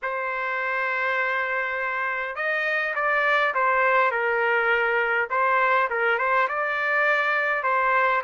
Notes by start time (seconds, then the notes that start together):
0.02 C5
2.35 D#5
2.95 D5
3.54 C5
4.11 A#4
5.29 C5
5.90 A#4
6.18 C5
6.48 D5
7.63 C5